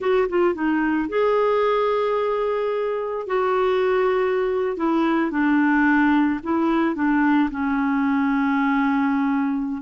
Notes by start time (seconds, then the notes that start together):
0.00 F#4
0.29 F4
0.54 D#4
1.09 G#4
3.26 F#4
4.76 E4
5.30 D4
6.43 E4
6.95 D4
7.50 C#4